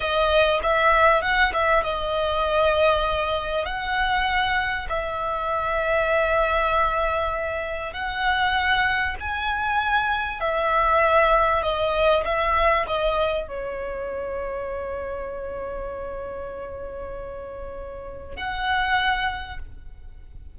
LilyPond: \new Staff \with { instrumentName = "violin" } { \time 4/4 \tempo 4 = 98 dis''4 e''4 fis''8 e''8 dis''4~ | dis''2 fis''2 | e''1~ | e''4 fis''2 gis''4~ |
gis''4 e''2 dis''4 | e''4 dis''4 cis''2~ | cis''1~ | cis''2 fis''2 | }